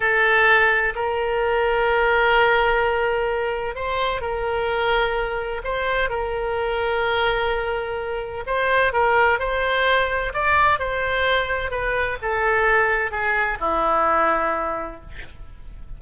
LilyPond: \new Staff \with { instrumentName = "oboe" } { \time 4/4 \tempo 4 = 128 a'2 ais'2~ | ais'1 | c''4 ais'2. | c''4 ais'2.~ |
ais'2 c''4 ais'4 | c''2 d''4 c''4~ | c''4 b'4 a'2 | gis'4 e'2. | }